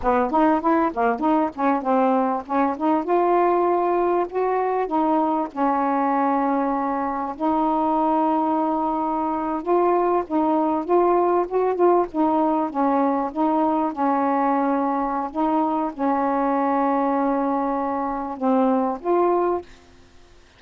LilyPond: \new Staff \with { instrumentName = "saxophone" } { \time 4/4 \tempo 4 = 98 b8 dis'8 e'8 ais8 dis'8 cis'8 c'4 | cis'8 dis'8 f'2 fis'4 | dis'4 cis'2. | dis'2.~ dis'8. f'16~ |
f'8. dis'4 f'4 fis'8 f'8 dis'16~ | dis'8. cis'4 dis'4 cis'4~ cis'16~ | cis'4 dis'4 cis'2~ | cis'2 c'4 f'4 | }